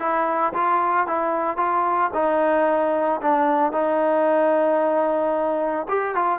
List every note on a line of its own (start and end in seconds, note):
0.00 0.54 E4
0.54 1.08 F4
1.08 1.57 E4
1.57 2.11 F4
2.14 3.21 D#4
3.22 3.73 D4
3.73 5.87 D#4
5.89 6.15 G4
6.15 6.39 F4